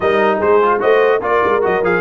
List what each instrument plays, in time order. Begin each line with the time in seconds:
0.00 tuba G3, trombone D#4, horn A#4, trumpet D#5
0.37 tuba G#3, horn G#4, trumpet C5
0.62 trombone F4
0.80 tuba A3, trombone F#4, horn C5, trumpet D#5
1.21 tuba A#3, trombone F4, horn A#4, trumpet D5
1.44 tuba G#3
1.61 tuba F#3, trombone F#4, trumpet D#5
1.83 tuba F3, trombone G#4, trumpet F5